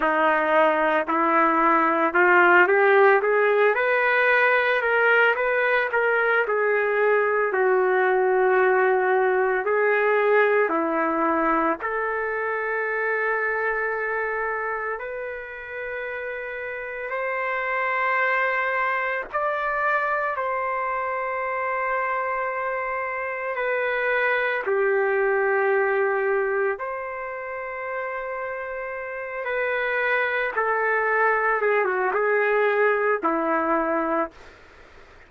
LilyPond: \new Staff \with { instrumentName = "trumpet" } { \time 4/4 \tempo 4 = 56 dis'4 e'4 f'8 g'8 gis'8 b'8~ | b'8 ais'8 b'8 ais'8 gis'4 fis'4~ | fis'4 gis'4 e'4 a'4~ | a'2 b'2 |
c''2 d''4 c''4~ | c''2 b'4 g'4~ | g'4 c''2~ c''8 b'8~ | b'8 a'4 gis'16 fis'16 gis'4 e'4 | }